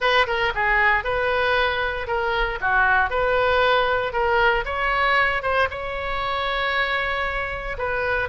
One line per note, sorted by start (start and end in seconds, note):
0.00 0.26 B4
0.26 0.52 A#4
0.54 1.04 G#4
1.04 2.07 B4
2.07 2.58 A#4
2.60 3.09 F#4
3.09 4.12 B4
4.12 4.64 A#4
4.65 5.42 C#5
5.42 5.68 C5
5.70 7.77 C#5
7.78 8.28 B4